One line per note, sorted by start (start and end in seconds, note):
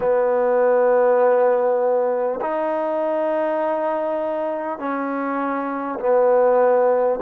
0.00 2.39 B3
2.41 4.78 D#4
4.78 5.98 C#4
5.99 7.19 B3